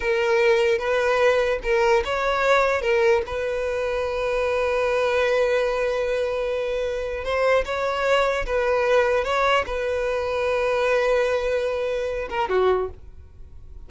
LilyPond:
\new Staff \with { instrumentName = "violin" } { \time 4/4 \tempo 4 = 149 ais'2 b'2 | ais'4 cis''2 ais'4 | b'1~ | b'1~ |
b'2 c''4 cis''4~ | cis''4 b'2 cis''4 | b'1~ | b'2~ b'8 ais'8 fis'4 | }